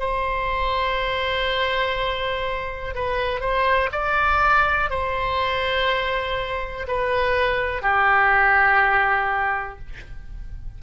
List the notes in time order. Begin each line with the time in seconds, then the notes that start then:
0.00 C5
2.95 B4
3.41 C5
3.92 D5
4.90 C5
6.88 B4
7.82 G4